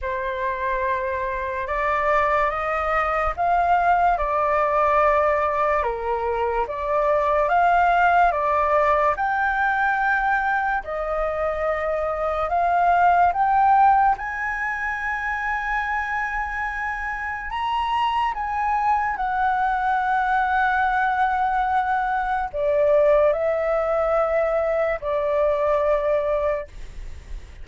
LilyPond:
\new Staff \with { instrumentName = "flute" } { \time 4/4 \tempo 4 = 72 c''2 d''4 dis''4 | f''4 d''2 ais'4 | d''4 f''4 d''4 g''4~ | g''4 dis''2 f''4 |
g''4 gis''2.~ | gis''4 ais''4 gis''4 fis''4~ | fis''2. d''4 | e''2 d''2 | }